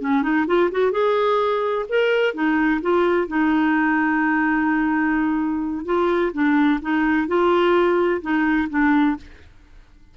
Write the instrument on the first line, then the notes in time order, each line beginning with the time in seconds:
clarinet
0.00 C#4
0.22 D#4
0.46 F4
0.71 F#4
0.91 G#4
1.89 A#4
2.34 D#4
2.81 F4
3.27 D#4
5.85 F4
6.33 D4
6.81 D#4
7.27 F4
8.21 D#4
8.70 D4